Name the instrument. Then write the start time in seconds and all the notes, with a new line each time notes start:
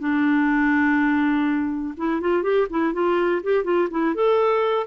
clarinet
0.00 D4
1.98 E4
2.21 F4
2.43 G4
2.70 E4
2.94 F4
3.44 G4
3.65 F4
3.91 E4
4.15 A4